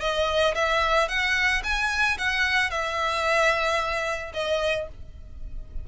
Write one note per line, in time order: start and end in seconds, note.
0.00 0.54 D#5
0.54 1.08 E5
1.08 1.62 F#5
1.63 2.17 G#5
2.18 2.70 F#5
2.70 4.32 E5
4.33 4.87 D#5